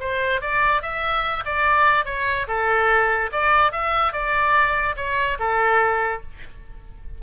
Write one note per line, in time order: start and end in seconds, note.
0.00 0.41 C5
0.41 0.82 D5
0.82 1.44 E5
1.46 2.06 D5
2.06 2.47 C#5
2.48 3.31 A4
3.32 3.72 D5
3.72 4.13 E5
4.13 4.96 D5
4.97 5.38 C#5
5.39 6.22 A4